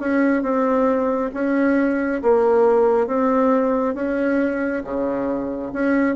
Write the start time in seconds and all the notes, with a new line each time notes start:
0.00 C#4
0.43 C4
1.34 C#4
2.22 A#3
3.07 C4
3.95 C#4
4.84 C#3
5.73 C#4